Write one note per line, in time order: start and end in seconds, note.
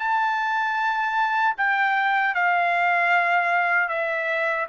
0.00 1.56 A5
1.58 2.35 G5
2.35 3.89 F5
3.89 4.67 E5